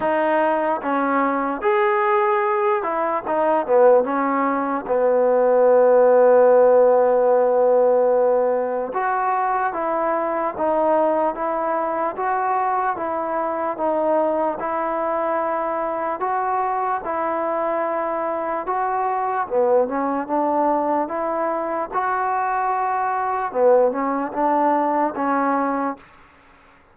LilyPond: \new Staff \with { instrumentName = "trombone" } { \time 4/4 \tempo 4 = 74 dis'4 cis'4 gis'4. e'8 | dis'8 b8 cis'4 b2~ | b2. fis'4 | e'4 dis'4 e'4 fis'4 |
e'4 dis'4 e'2 | fis'4 e'2 fis'4 | b8 cis'8 d'4 e'4 fis'4~ | fis'4 b8 cis'8 d'4 cis'4 | }